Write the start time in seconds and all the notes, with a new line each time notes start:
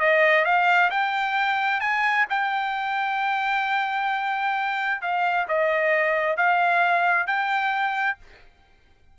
0.00 D#5
0.45 F5
0.91 G5
1.81 G#5
2.30 G5
5.02 F5
5.49 D#5
6.37 F5
7.27 G5